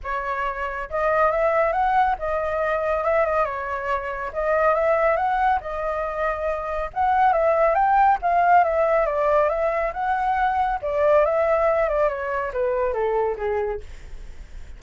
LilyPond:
\new Staff \with { instrumentName = "flute" } { \time 4/4 \tempo 4 = 139 cis''2 dis''4 e''4 | fis''4 dis''2 e''8 dis''8 | cis''2 dis''4 e''4 | fis''4 dis''2. |
fis''4 e''4 g''4 f''4 | e''4 d''4 e''4 fis''4~ | fis''4 d''4 e''4. d''8 | cis''4 b'4 a'4 gis'4 | }